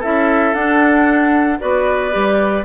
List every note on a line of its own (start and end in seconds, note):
0.00 0.54 C#4
0.00 0.55 E4
0.00 1.58 A4
0.00 0.54 E5
0.54 1.59 D4
0.54 1.60 D4
0.54 1.59 F#5
1.60 2.15 B3
1.60 2.12 F#4
1.60 2.65 B4
1.60 2.65 D5
2.12 2.65 G3
2.12 2.64 G4